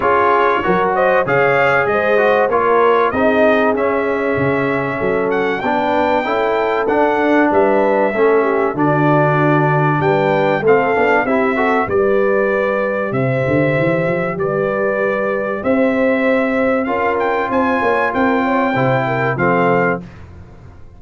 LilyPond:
<<
  \new Staff \with { instrumentName = "trumpet" } { \time 4/4 \tempo 4 = 96 cis''4. dis''8 f''4 dis''4 | cis''4 dis''4 e''2~ | e''8 fis''8 g''2 fis''4 | e''2 d''2 |
g''4 f''4 e''4 d''4~ | d''4 e''2 d''4~ | d''4 e''2 f''8 g''8 | gis''4 g''2 f''4 | }
  \new Staff \with { instrumentName = "horn" } { \time 4/4 gis'4 ais'8 c''8 cis''4 c''4 | ais'4 gis'2. | a'4 b'4 a'2 | b'4 a'8 g'8 fis'2 |
b'4 a'4 g'8 a'8 b'4~ | b'4 c''2 b'4~ | b'4 c''2 ais'4 | c''8 cis''8 ais'8 cis''8 c''8 ais'8 a'4 | }
  \new Staff \with { instrumentName = "trombone" } { \time 4/4 f'4 fis'4 gis'4. fis'8 | f'4 dis'4 cis'2~ | cis'4 d'4 e'4 d'4~ | d'4 cis'4 d'2~ |
d'4 c'8 d'8 e'8 fis'8 g'4~ | g'1~ | g'2. f'4~ | f'2 e'4 c'4 | }
  \new Staff \with { instrumentName = "tuba" } { \time 4/4 cis'4 fis4 cis4 gis4 | ais4 c'4 cis'4 cis4 | fis4 b4 cis'4 d'4 | g4 a4 d2 |
g4 a8 b8 c'4 g4~ | g4 c8 d8 e8 f8 g4~ | g4 c'2 cis'4 | c'8 ais8 c'4 c4 f4 | }
>>